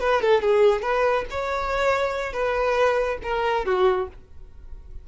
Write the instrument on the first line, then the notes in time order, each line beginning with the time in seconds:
violin
0.00 B4
0.21 A4
0.41 G#4
0.82 B4
1.30 C#5
2.32 B4
3.23 A#4
3.65 F#4